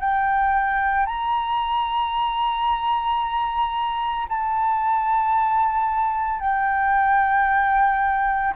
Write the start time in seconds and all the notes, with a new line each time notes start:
0.00 G5
1.06 A#5
4.29 A5
6.40 G5